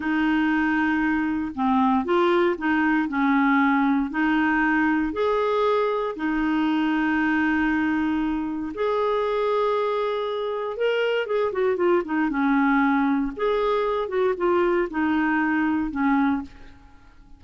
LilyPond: \new Staff \with { instrumentName = "clarinet" } { \time 4/4 \tempo 4 = 117 dis'2. c'4 | f'4 dis'4 cis'2 | dis'2 gis'2 | dis'1~ |
dis'4 gis'2.~ | gis'4 ais'4 gis'8 fis'8 f'8 dis'8 | cis'2 gis'4. fis'8 | f'4 dis'2 cis'4 | }